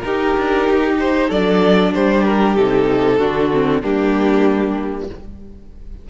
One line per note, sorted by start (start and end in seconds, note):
0.00 0.37 D#4
0.00 1.28 G4
0.00 0.95 A#4
0.07 1.32 D#4
0.38 0.69 D4
0.70 1.31 D#4
1.00 1.31 C5
1.28 1.94 F#3
1.28 2.58 D4
1.28 1.91 A4
1.28 1.94 D5
1.95 2.58 G3
1.95 3.19 G4
1.95 2.25 C5
2.25 2.57 A#4
2.57 3.20 C3
2.57 3.20 D#4
2.57 3.82 A4
3.19 3.83 D3
3.19 3.52 D4
3.19 3.81 F#4
3.54 3.83 C4
3.81 5.10 G3
3.81 5.10 A#3
3.81 5.07 D4
3.81 5.08 G4